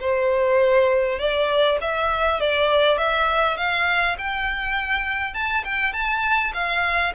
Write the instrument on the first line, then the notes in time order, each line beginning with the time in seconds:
violin
0.00 C5
1.19 D5
1.80 E5
2.40 D5
2.98 E5
3.57 F5
4.18 G5
5.34 A5
5.64 G5
5.92 A5
6.53 F5